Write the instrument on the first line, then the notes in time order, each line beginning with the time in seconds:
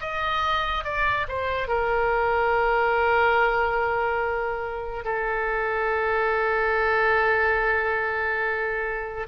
oboe
0.00 D#5
0.84 D5
1.28 C5
1.68 A#4
5.04 A4